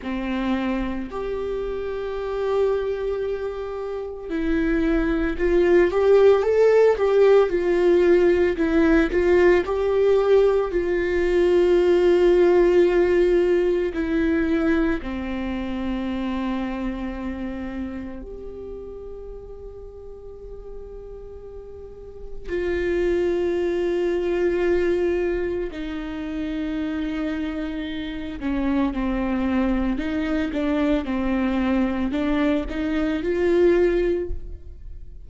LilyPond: \new Staff \with { instrumentName = "viola" } { \time 4/4 \tempo 4 = 56 c'4 g'2. | e'4 f'8 g'8 a'8 g'8 f'4 | e'8 f'8 g'4 f'2~ | f'4 e'4 c'2~ |
c'4 g'2.~ | g'4 f'2. | dis'2~ dis'8 cis'8 c'4 | dis'8 d'8 c'4 d'8 dis'8 f'4 | }